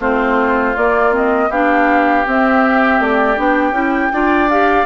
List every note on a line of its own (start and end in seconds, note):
0.00 0.75 A3
0.00 0.76 C4
0.00 1.50 F4
0.00 0.77 C5
0.77 1.50 A#3
0.77 1.12 A#3
0.77 1.14 D5
1.12 1.49 C4
1.12 1.52 D#5
1.50 2.25 B3
1.50 2.26 D4
1.50 4.13 G4
1.50 2.27 F5
2.26 3.37 C4
2.26 3.00 C4
2.26 3.02 E5
3.00 3.38 A3
3.00 3.39 D5
3.37 3.71 B3
3.37 3.73 D4
3.37 4.50 G5
3.71 4.09 C#4
3.71 4.11 E4
4.13 4.86 D4
4.13 4.50 F4
4.13 4.86 D5
4.50 4.86 G4
4.50 4.86 F5